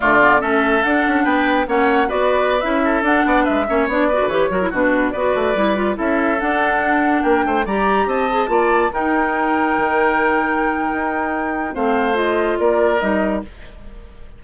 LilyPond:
<<
  \new Staff \with { instrumentName = "flute" } { \time 4/4 \tempo 4 = 143 d''4 e''4 fis''4 g''4 | fis''4 d''4~ d''16 e''4 fis''8.~ | fis''16 e''4 d''4 cis''4 b'8.~ | b'16 d''2 e''4 fis''8.~ |
fis''4~ fis''16 g''4 ais''4 a''8.~ | a''4~ a''16 g''2~ g''8.~ | g''1 | f''4 dis''4 d''4 dis''4 | }
  \new Staff \with { instrumentName = "oboe" } { \time 4/4 f'4 a'2 b'4 | cis''4 b'4.~ b'16 a'4 d''16~ | d''16 b'8 cis''4 b'4 ais'8 fis'8.~ | fis'16 b'2 a'4.~ a'16~ |
a'4~ a'16 ais'8 c''8 d''4 dis''8.~ | dis''16 d''4 ais'2~ ais'8.~ | ais'1 | c''2 ais'2 | }
  \new Staff \with { instrumentName = "clarinet" } { \time 4/4 a8 b8 cis'4 d'2 | cis'4 fis'4~ fis'16 e'4 d'8.~ | d'8. cis'8 d'8 fis'8 g'8 fis'16 e'16 d'8.~ | d'16 fis'4 e'8 f'8 e'4 d'8.~ |
d'2~ d'16 g'4. gis'16~ | gis'16 f'4 dis'2~ dis'8.~ | dis'1 | c'4 f'2 dis'4 | }
  \new Staff \with { instrumentName = "bassoon" } { \time 4/4 d4 a4 d'8 cis'8 b4 | ais4 b4~ b16 cis'4 d'8 b16~ | b16 gis8 ais8 b8. d16 e8 fis8 b,8.~ | b,16 b8 a8 g4 cis'4 d'8.~ |
d'4~ d'16 ais8 a8 g4 c'8.~ | c'16 ais4 dis'2 dis8.~ | dis2 dis'2 | a2 ais4 g4 | }
>>